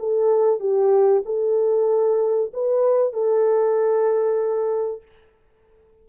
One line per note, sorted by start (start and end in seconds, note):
0.00 0.60 A4
0.60 1.23 G4
1.26 2.52 A4
2.54 3.13 B4
3.13 5.03 A4